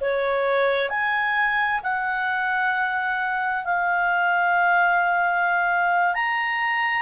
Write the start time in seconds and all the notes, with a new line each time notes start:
0.00 C#5
0.89 G#5
1.83 F#5
3.64 F5
6.14 A#5